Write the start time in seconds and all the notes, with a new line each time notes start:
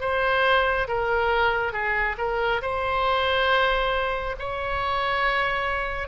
0.00 C5
0.88 A#4
1.72 G#4
2.17 A#4
2.61 C5
4.39 C#5